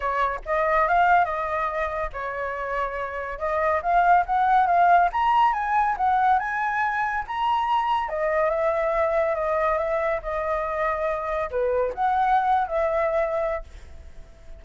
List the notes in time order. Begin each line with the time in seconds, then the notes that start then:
0.00 C#5
0.45 D#5
0.88 F5
1.25 D#5
2.12 C#5
3.38 D#5
3.82 F5
4.26 F#5
4.66 F5
5.12 A#5
5.53 G#5
5.97 F#5
6.38 G#5
7.27 A#5
8.09 D#5
8.50 E5
9.35 D#5
9.78 E5
10.22 D#5
11.50 B4
11.94 F#5
12.67 E5